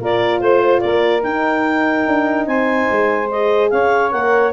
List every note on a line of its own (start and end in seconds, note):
0.00 0.41 A#3
0.00 1.21 F4
0.00 0.41 A#4
0.00 0.40 D5
0.40 0.82 A3
0.40 0.80 C5
0.40 0.82 C5
0.80 1.24 A#3
0.80 2.48 A#4
0.80 1.22 D5
1.21 3.26 D#4
1.21 2.06 D#4
1.21 2.46 G5
2.07 2.47 D4
2.47 2.88 C4
2.47 3.71 C5
2.47 3.29 G#5
2.91 3.72 G#3
3.31 4.11 G#4
3.31 3.70 D#5
3.70 4.13 C#4
3.70 4.53 C#5
3.70 4.11 F5
4.11 4.53 A#3
4.11 4.52 A#4
4.11 4.52 F#5